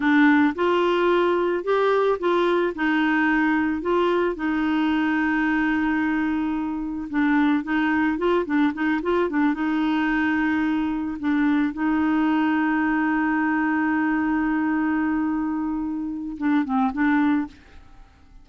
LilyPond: \new Staff \with { instrumentName = "clarinet" } { \time 4/4 \tempo 4 = 110 d'4 f'2 g'4 | f'4 dis'2 f'4 | dis'1~ | dis'4 d'4 dis'4 f'8 d'8 |
dis'8 f'8 d'8 dis'2~ dis'8~ | dis'8 d'4 dis'2~ dis'8~ | dis'1~ | dis'2 d'8 c'8 d'4 | }